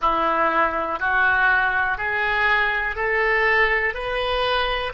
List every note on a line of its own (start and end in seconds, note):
0.01 0.99 E4
0.99 1.97 F#4
1.97 2.95 G#4
2.95 3.93 A4
3.93 4.92 B4